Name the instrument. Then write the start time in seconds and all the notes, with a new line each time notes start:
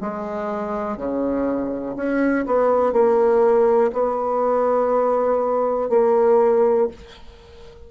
bassoon
0.00 G#3
0.97 C#3
1.96 C#4
2.46 B3
2.92 A#3
3.92 B3
5.89 A#3